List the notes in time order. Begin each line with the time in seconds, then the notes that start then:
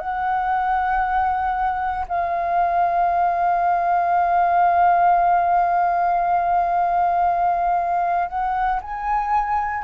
0.00 F#5
2.09 F5
8.29 F#5
8.82 G#5